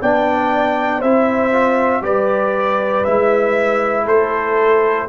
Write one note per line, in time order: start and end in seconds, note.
0.00 1.03 B3
0.00 1.03 D4
0.00 0.99 D5
0.00 1.01 G5
0.99 2.01 C4
0.99 1.52 E4
0.99 2.01 C5
0.99 2.03 E5
1.52 2.02 F4
2.01 3.03 G3
2.01 3.04 G4
2.01 4.05 B4
2.01 3.04 D5
3.04 4.07 G#3
3.04 5.08 E4
3.04 4.06 E5
4.05 5.08 A3
4.05 5.07 A4
4.05 5.08 C5